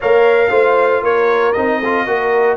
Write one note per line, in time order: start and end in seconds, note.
0.00 0.50 A#3
0.00 0.50 A#4
0.00 0.49 C#5
0.00 1.04 F5
0.50 1.02 A3
0.50 1.54 F4
0.50 1.01 C5
1.02 1.53 A#3
1.02 1.79 A#4
1.02 1.52 C#5
1.52 2.07 C4
1.52 1.82 D#4
1.52 2.56 D#5
1.79 2.06 F4
1.79 2.05 A4
2.06 2.57 A#3
2.06 2.57 F#4
2.06 2.57 A#4